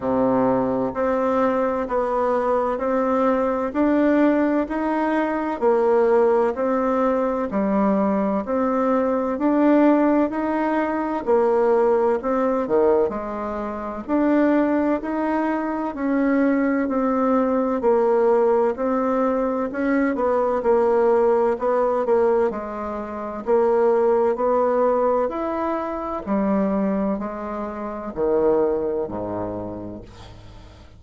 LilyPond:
\new Staff \with { instrumentName = "bassoon" } { \time 4/4 \tempo 4 = 64 c4 c'4 b4 c'4 | d'4 dis'4 ais4 c'4 | g4 c'4 d'4 dis'4 | ais4 c'8 dis8 gis4 d'4 |
dis'4 cis'4 c'4 ais4 | c'4 cis'8 b8 ais4 b8 ais8 | gis4 ais4 b4 e'4 | g4 gis4 dis4 gis,4 | }